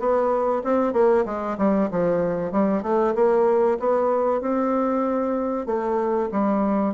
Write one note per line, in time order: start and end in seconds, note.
0.00 0.63 B3
0.65 0.93 C4
0.93 1.25 A#3
1.26 1.58 G#3
1.58 1.90 G3
1.91 2.52 F3
2.52 2.83 G3
2.83 3.15 A3
3.16 3.79 A#3
3.80 4.41 B3
4.41 5.67 C4
5.67 6.30 A3
6.32 6.95 G3